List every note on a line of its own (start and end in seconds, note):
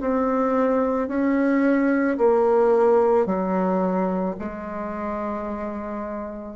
0.00 1.08 C4
1.08 2.17 C#4
2.17 3.25 A#3
3.25 4.34 F#3
4.39 6.56 G#3